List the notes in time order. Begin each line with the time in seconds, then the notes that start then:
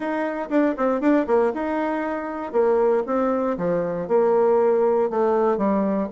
0.00 D#4
0.49 D4
0.77 C4
1.00 D4
1.26 A#3
1.53 D#4
2.52 A#3
3.06 C4
3.57 F3
4.08 A#3
5.10 A3
5.57 G3